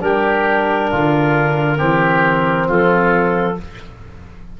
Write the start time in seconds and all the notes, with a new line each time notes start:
0.00 G3 D4 G4 A#4
0.91 D3 F4
1.76 E3 C4 G4
2.68 F3 F4 A4